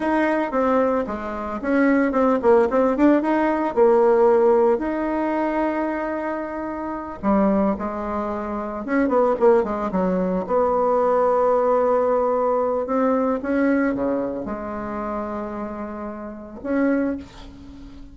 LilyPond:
\new Staff \with { instrumentName = "bassoon" } { \time 4/4 \tempo 4 = 112 dis'4 c'4 gis4 cis'4 | c'8 ais8 c'8 d'8 dis'4 ais4~ | ais4 dis'2.~ | dis'4. g4 gis4.~ |
gis8 cis'8 b8 ais8 gis8 fis4 b8~ | b1 | c'4 cis'4 cis4 gis4~ | gis2. cis'4 | }